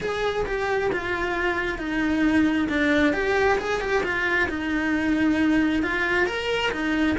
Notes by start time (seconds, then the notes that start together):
0.00 G#4
0.45 G4
0.92 F4
1.78 D#4
2.68 D4
3.13 G4
3.58 G#4
3.81 G4
4.03 F4
4.48 D#4
5.82 F4
6.26 A#4
6.71 D#4